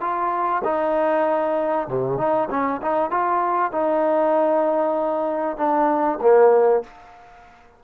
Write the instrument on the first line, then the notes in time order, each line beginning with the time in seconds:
trombone
0.00 F4
0.64 D#4
1.87 C3
2.17 D#4
2.50 C#4
2.81 D#4
3.10 F4
3.72 D#4
5.57 D4
6.21 A#3